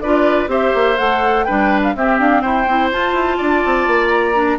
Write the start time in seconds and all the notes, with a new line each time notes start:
0.00 D4 F4 B4 D5
0.47 C4 G4 C5 E5
0.74 A#3
0.97 A3 A4 F#5
1.44 G3 D4 B4 G5
1.83 F5
1.95 C4 G4 E5
2.18 D4 F5
2.41 E4 C5 G5
2.67 C4 E4
2.91 F4 A5
3.12 E4
3.37 D4 D5
3.65 C4
3.86 A#3
4.09 A#5
4.34 D4